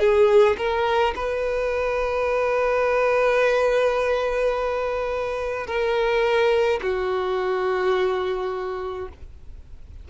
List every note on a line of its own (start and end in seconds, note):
0.00 0.57 G#4
0.58 1.14 A#4
1.16 5.67 B4
5.67 6.80 A#4
6.82 9.09 F#4